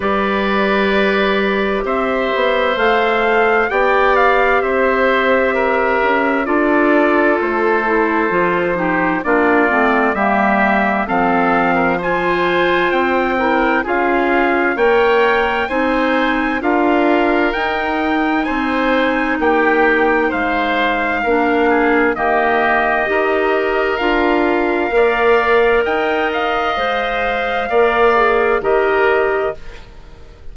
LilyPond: <<
  \new Staff \with { instrumentName = "trumpet" } { \time 4/4 \tempo 4 = 65 d''2 e''4 f''4 | g''8 f''8 e''2 d''4 | c''2 d''4 e''4 | f''4 gis''4 g''4 f''4 |
g''4 gis''4 f''4 g''4 | gis''4 g''4 f''2 | dis''2 f''2 | g''8 f''2~ f''8 dis''4 | }
  \new Staff \with { instrumentName = "oboe" } { \time 4/4 b'2 c''2 | d''4 c''4 ais'4 a'4~ | a'4. g'8 f'4 g'4 | a'8. ais'16 c''4. ais'8 gis'4 |
cis''4 c''4 ais'2 | c''4 g'4 c''4 ais'8 gis'8 | g'4 ais'2 d''4 | dis''2 d''4 ais'4 | }
  \new Staff \with { instrumentName = "clarinet" } { \time 4/4 g'2. a'4 | g'2. f'4~ | f'8 e'8 f'8 dis'8 d'8 c'8 ais4 | c'4 f'4. e'8 f'4 |
ais'4 dis'4 f'4 dis'4~ | dis'2. d'4 | ais4 g'4 f'4 ais'4~ | ais'4 c''4 ais'8 gis'8 g'4 | }
  \new Staff \with { instrumentName = "bassoon" } { \time 4/4 g2 c'8 b8 a4 | b4 c'4. cis'8 d'4 | a4 f4 ais8 a8 g4 | f2 c'4 cis'4 |
ais4 c'4 d'4 dis'4 | c'4 ais4 gis4 ais4 | dis4 dis'4 d'4 ais4 | dis'4 gis4 ais4 dis4 | }
>>